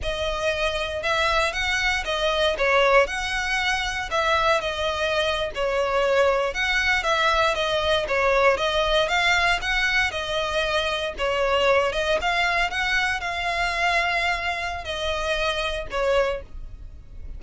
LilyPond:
\new Staff \with { instrumentName = "violin" } { \time 4/4 \tempo 4 = 117 dis''2 e''4 fis''4 | dis''4 cis''4 fis''2 | e''4 dis''4.~ dis''16 cis''4~ cis''16~ | cis''8. fis''4 e''4 dis''4 cis''16~ |
cis''8. dis''4 f''4 fis''4 dis''16~ | dis''4.~ dis''16 cis''4. dis''8 f''16~ | f''8. fis''4 f''2~ f''16~ | f''4 dis''2 cis''4 | }